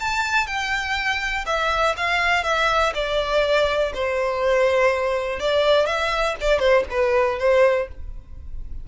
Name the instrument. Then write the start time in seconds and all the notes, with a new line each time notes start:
violin
0.00 A5
0.47 G5
1.46 E5
1.97 F5
2.44 E5
2.95 D5
3.94 C5
5.39 D5
5.87 E5
6.41 D5
6.59 C5
6.90 B4
7.39 C5